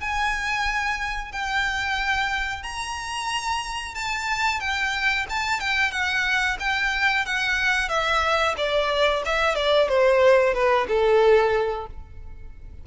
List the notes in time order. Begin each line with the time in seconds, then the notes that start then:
0.00 G#5
1.32 G5
2.63 A#5
3.95 A5
4.60 G5
5.29 A5
5.60 G5
5.91 F#5
6.59 G5
7.25 F#5
7.89 E5
8.57 D5
9.25 E5
9.55 D5
9.88 C5
10.53 B4
10.88 A4